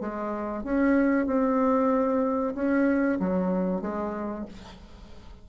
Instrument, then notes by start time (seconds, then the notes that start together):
bassoon
0.00 G#3
0.63 C#4
1.26 C4
2.54 C#4
3.19 F#3
3.81 G#3